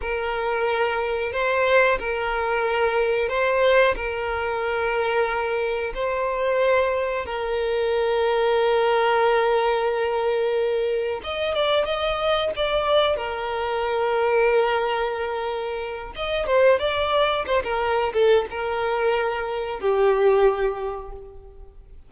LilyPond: \new Staff \with { instrumentName = "violin" } { \time 4/4 \tempo 4 = 91 ais'2 c''4 ais'4~ | ais'4 c''4 ais'2~ | ais'4 c''2 ais'4~ | ais'1~ |
ais'4 dis''8 d''8 dis''4 d''4 | ais'1~ | ais'8 dis''8 c''8 d''4 c''16 ais'8. a'8 | ais'2 g'2 | }